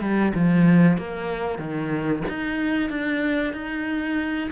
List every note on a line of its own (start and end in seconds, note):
0.00 0.32 G3
0.34 0.97 F3
0.97 1.58 A#3
1.58 2.23 D#3
2.28 2.89 D#4
2.89 3.53 D4
3.53 4.50 D#4